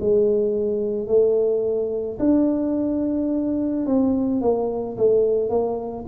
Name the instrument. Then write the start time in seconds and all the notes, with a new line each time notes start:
tuba
0.00 G#3
1.07 A3
2.19 D4
3.86 C4
4.41 A#3
4.97 A3
5.49 A#3